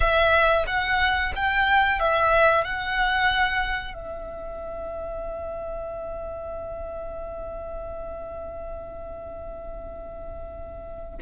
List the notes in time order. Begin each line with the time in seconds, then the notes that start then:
0.00 E5
0.67 F#5
1.35 G5
1.99 E5
2.64 F#5
3.94 E5